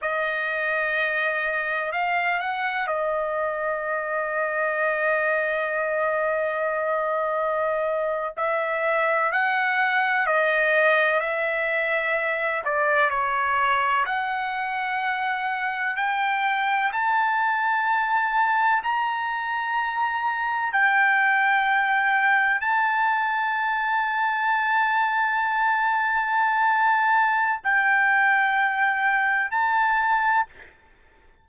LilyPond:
\new Staff \with { instrumentName = "trumpet" } { \time 4/4 \tempo 4 = 63 dis''2 f''8 fis''8 dis''4~ | dis''1~ | dis''8. e''4 fis''4 dis''4 e''16~ | e''4~ e''16 d''8 cis''4 fis''4~ fis''16~ |
fis''8. g''4 a''2 ais''16~ | ais''4.~ ais''16 g''2 a''16~ | a''1~ | a''4 g''2 a''4 | }